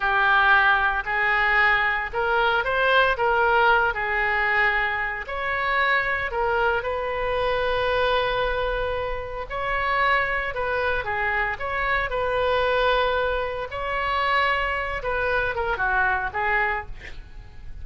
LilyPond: \new Staff \with { instrumentName = "oboe" } { \time 4/4 \tempo 4 = 114 g'2 gis'2 | ais'4 c''4 ais'4. gis'8~ | gis'2 cis''2 | ais'4 b'2.~ |
b'2 cis''2 | b'4 gis'4 cis''4 b'4~ | b'2 cis''2~ | cis''8 b'4 ais'8 fis'4 gis'4 | }